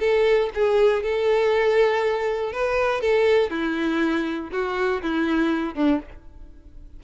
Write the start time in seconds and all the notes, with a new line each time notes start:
0.00 A4
0.55 G#4
1.03 A4
2.53 B4
3.01 A4
3.50 E4
4.52 F#4
5.02 E4
5.75 D4